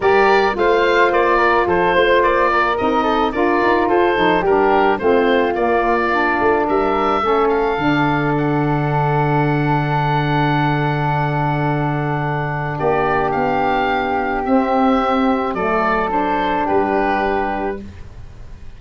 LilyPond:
<<
  \new Staff \with { instrumentName = "oboe" } { \time 4/4 \tempo 4 = 108 d''4 f''4 d''4 c''4 | d''4 dis''4 d''4 c''4 | ais'4 c''4 d''2 | e''4. f''4. fis''4~ |
fis''1~ | fis''2. d''4 | f''2 e''2 | d''4 c''4 b'2 | }
  \new Staff \with { instrumentName = "flute" } { \time 4/4 ais'4 c''4. ais'8 a'8 c''8~ | c''8 ais'4 a'8 ais'4 a'4 | g'4 f'2. | ais'4 a'2.~ |
a'1~ | a'2. g'4~ | g'1 | a'2 g'2 | }
  \new Staff \with { instrumentName = "saxophone" } { \time 4/4 g'4 f'2.~ | f'4 dis'4 f'4. dis'8 | d'4 c'4 ais4 d'4~ | d'4 cis'4 d'2~ |
d'1~ | d'1~ | d'2 c'2 | a4 d'2. | }
  \new Staff \with { instrumentName = "tuba" } { \time 4/4 g4 a4 ais4 f8 a8 | ais4 c'4 d'8 dis'8 f'8 f8 | g4 a4 ais4. a8 | g4 a4 d2~ |
d1~ | d2. ais4 | b2 c'2 | fis2 g2 | }
>>